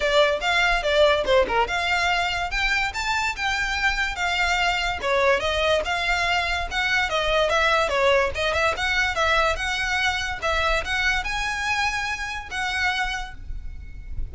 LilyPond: \new Staff \with { instrumentName = "violin" } { \time 4/4 \tempo 4 = 144 d''4 f''4 d''4 c''8 ais'8 | f''2 g''4 a''4 | g''2 f''2 | cis''4 dis''4 f''2 |
fis''4 dis''4 e''4 cis''4 | dis''8 e''8 fis''4 e''4 fis''4~ | fis''4 e''4 fis''4 gis''4~ | gis''2 fis''2 | }